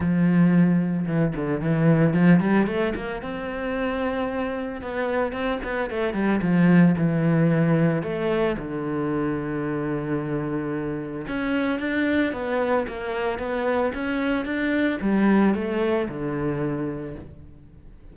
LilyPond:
\new Staff \with { instrumentName = "cello" } { \time 4/4 \tempo 4 = 112 f2 e8 d8 e4 | f8 g8 a8 ais8 c'2~ | c'4 b4 c'8 b8 a8 g8 | f4 e2 a4 |
d1~ | d4 cis'4 d'4 b4 | ais4 b4 cis'4 d'4 | g4 a4 d2 | }